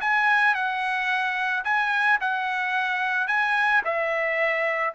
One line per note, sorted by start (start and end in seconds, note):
0.00 0.54 G#5
0.54 1.63 F#5
1.64 2.18 G#5
2.20 3.27 F#5
3.27 3.82 G#5
3.84 4.93 E5